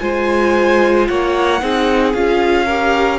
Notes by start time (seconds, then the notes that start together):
0.00 G#3 F4 C5 G#5
1.08 A#3 C#5 F#5
1.61 C4 D#4 G#4
2.15 C#4 F4 F5
2.66 G4 A#4